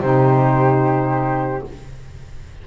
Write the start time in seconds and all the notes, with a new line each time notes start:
0.00 C3 D#4 G4 C5